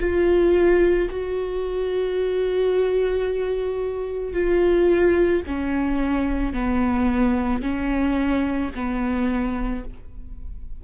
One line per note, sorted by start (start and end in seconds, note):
0.00 1.09 F4
1.11 4.34 F#4
4.34 5.43 F4
5.47 6.54 C#4
6.54 7.63 B3
7.63 8.72 C#4
8.75 9.84 B3